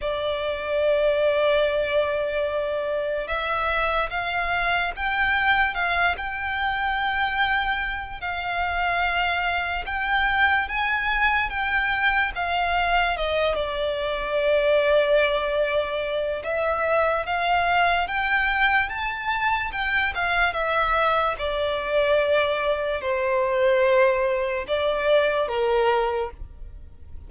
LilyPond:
\new Staff \with { instrumentName = "violin" } { \time 4/4 \tempo 4 = 73 d''1 | e''4 f''4 g''4 f''8 g''8~ | g''2 f''2 | g''4 gis''4 g''4 f''4 |
dis''8 d''2.~ d''8 | e''4 f''4 g''4 a''4 | g''8 f''8 e''4 d''2 | c''2 d''4 ais'4 | }